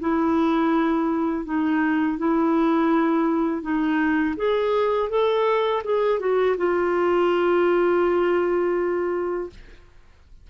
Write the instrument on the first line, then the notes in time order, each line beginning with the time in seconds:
clarinet
0.00 E4
1.45 D#4
2.18 E4
3.62 D#4
4.36 G#4
5.10 A4
5.84 G#4
6.20 F#4
6.57 F4